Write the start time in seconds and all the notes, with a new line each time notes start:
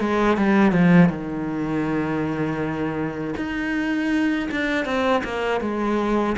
0.00 G#3
0.37 G3
0.72 F3
1.09 D#3
3.37 D#4
4.51 D4
4.85 C4
5.24 A#3
5.61 G#3